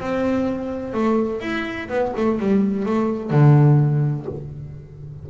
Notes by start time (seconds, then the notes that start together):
0.00 C4
0.94 A3
1.41 E4
1.89 B3
2.17 A3
2.40 G3
2.86 A3
3.31 D3